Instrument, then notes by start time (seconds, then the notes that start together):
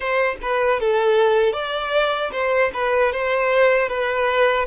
violin
0.00 C5
0.42 B4
0.80 A4
1.53 D5
2.32 C5
2.73 B4
3.12 C5
3.88 B4